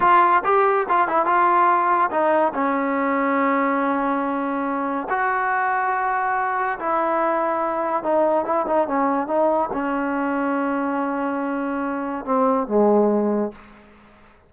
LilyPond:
\new Staff \with { instrumentName = "trombone" } { \time 4/4 \tempo 4 = 142 f'4 g'4 f'8 e'8 f'4~ | f'4 dis'4 cis'2~ | cis'1 | fis'1 |
e'2. dis'4 | e'8 dis'8 cis'4 dis'4 cis'4~ | cis'1~ | cis'4 c'4 gis2 | }